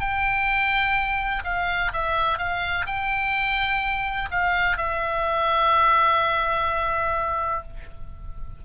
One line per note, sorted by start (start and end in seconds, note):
0.00 1.43 G5
1.44 1.91 F5
1.93 2.38 E5
2.38 2.86 F5
2.86 4.29 G5
4.31 4.77 F5
4.77 7.63 E5